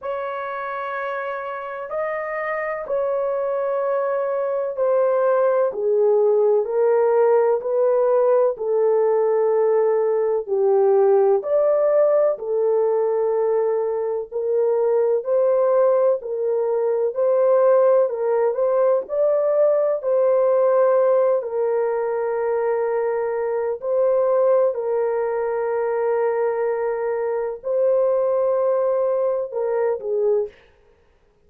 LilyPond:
\new Staff \with { instrumentName = "horn" } { \time 4/4 \tempo 4 = 63 cis''2 dis''4 cis''4~ | cis''4 c''4 gis'4 ais'4 | b'4 a'2 g'4 | d''4 a'2 ais'4 |
c''4 ais'4 c''4 ais'8 c''8 | d''4 c''4. ais'4.~ | ais'4 c''4 ais'2~ | ais'4 c''2 ais'8 gis'8 | }